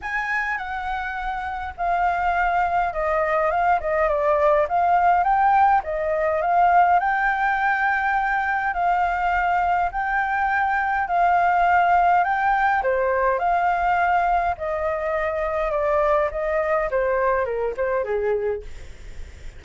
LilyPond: \new Staff \with { instrumentName = "flute" } { \time 4/4 \tempo 4 = 103 gis''4 fis''2 f''4~ | f''4 dis''4 f''8 dis''8 d''4 | f''4 g''4 dis''4 f''4 | g''2. f''4~ |
f''4 g''2 f''4~ | f''4 g''4 c''4 f''4~ | f''4 dis''2 d''4 | dis''4 c''4 ais'8 c''8 gis'4 | }